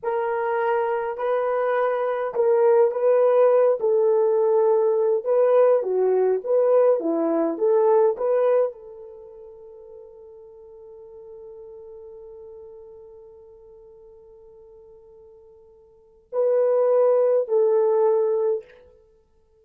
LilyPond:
\new Staff \with { instrumentName = "horn" } { \time 4/4 \tempo 4 = 103 ais'2 b'2 | ais'4 b'4. a'4.~ | a'4 b'4 fis'4 b'4 | e'4 a'4 b'4 a'4~ |
a'1~ | a'1~ | a'1 | b'2 a'2 | }